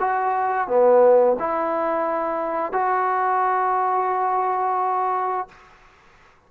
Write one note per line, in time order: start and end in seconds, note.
0.00 0.67 F#4
0.67 1.36 B3
1.39 2.72 E4
2.72 5.48 F#4